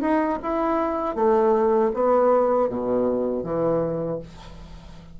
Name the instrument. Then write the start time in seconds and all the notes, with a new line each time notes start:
bassoon
0.00 D#4
0.42 E4
1.15 A3
1.93 B3
2.69 B2
3.43 E3